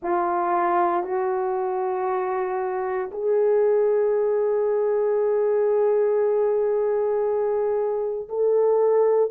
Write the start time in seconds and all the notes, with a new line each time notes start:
0.02 F4
1.03 F#4
3.11 G#4
8.29 A4